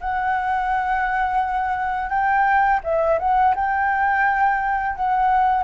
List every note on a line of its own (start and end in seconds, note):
0.00 2.09 F#5
2.09 2.80 G5
2.83 3.18 E5
3.19 3.54 F#5
3.55 4.95 G5
4.95 5.63 F#5